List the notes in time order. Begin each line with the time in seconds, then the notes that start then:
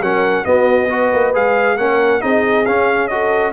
0.00 F#3 C#4 A#4 F#5
0.44 B3 F#4 D#5
0.88 F#4 B4
1.12 A#3
1.33 G#3 G#4 F5
1.77 A#3 C#4 A#4 F#5
2.20 C4 D#4 G#4 D#5
2.65 C#4 F5
3.07 F#4 A4 D#5